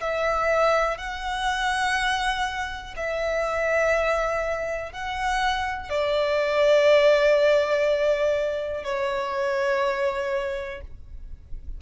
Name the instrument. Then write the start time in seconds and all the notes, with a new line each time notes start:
violin
0.00 E5
0.97 F#5
2.96 E5
4.92 F#5
5.89 D5
8.84 C#5